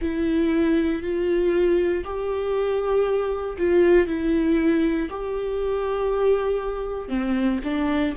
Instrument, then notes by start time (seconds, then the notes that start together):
viola
0.00 E4
1.02 F4
2.04 G4
3.57 F4
4.07 E4
5.09 G4
7.08 C4
7.64 D4